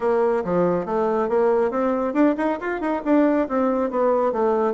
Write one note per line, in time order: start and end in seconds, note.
0.00 0.43 A#3
0.44 0.85 F3
0.85 1.28 A3
1.28 1.70 A#3
1.70 2.13 C4
2.13 2.35 D4
2.37 2.58 D#4
2.60 2.80 F4
2.80 3.02 D#4
3.04 3.47 D4
3.48 3.90 C4
3.90 4.32 B3
4.32 4.73 A3